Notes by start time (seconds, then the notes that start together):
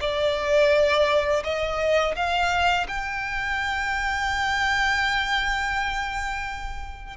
0.00 D5
1.44 D#5
2.15 F5
2.88 G5